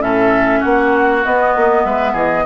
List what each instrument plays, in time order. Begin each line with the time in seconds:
0.00 bassoon A2, clarinet C#4, oboe A4, flute E5
0.60 bassoon A#3, oboe F#4, flute F#5
1.25 clarinet B3, bassoon B3, flute D#5
1.56 bassoon A#3
1.85 bassoon G#3, oboe B4, flute E5
2.13 bassoon E3, oboe G#4, flute D#5